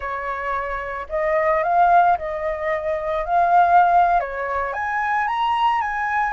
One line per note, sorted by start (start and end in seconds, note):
0.00 1.06 C#5
1.09 1.63 D#5
1.63 2.17 F5
2.18 3.25 D#5
3.25 4.19 F5
4.19 4.73 C#5
4.73 5.27 G#5
5.27 5.81 A#5
5.81 6.33 G#5